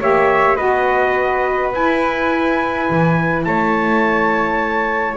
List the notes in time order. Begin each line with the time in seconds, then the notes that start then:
0.00 A#3 G4 C#5 E5
0.55 B3 F#4 B4 D#5
1.73 E4 G#5
2.89 E3
3.44 A3 C#5 A5